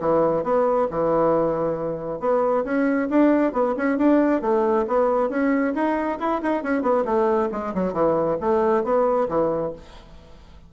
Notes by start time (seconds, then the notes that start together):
0.00 E3
0.43 B3
0.90 E3
2.20 B3
2.64 C#4
3.10 D4
3.52 B3
3.77 C#4
3.97 D4
4.41 A3
4.87 B3
5.29 C#4
5.74 D#4
6.19 E4
6.42 D#4
6.63 C#4
6.82 B3
7.05 A3
7.52 G#3
7.74 F#3
7.93 E3
8.40 A3
8.84 B3
9.28 E3